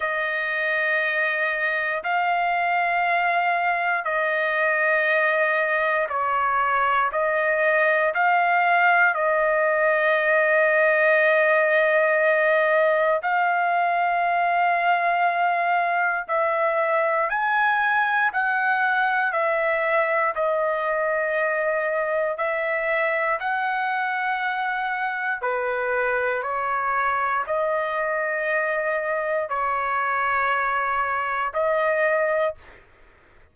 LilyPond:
\new Staff \with { instrumentName = "trumpet" } { \time 4/4 \tempo 4 = 59 dis''2 f''2 | dis''2 cis''4 dis''4 | f''4 dis''2.~ | dis''4 f''2. |
e''4 gis''4 fis''4 e''4 | dis''2 e''4 fis''4~ | fis''4 b'4 cis''4 dis''4~ | dis''4 cis''2 dis''4 | }